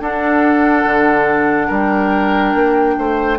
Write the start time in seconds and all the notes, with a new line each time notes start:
0.00 D4 A4 F#5
0.86 D3
1.67 G3 A#4 G5
2.54 A#3
2.98 A3 C5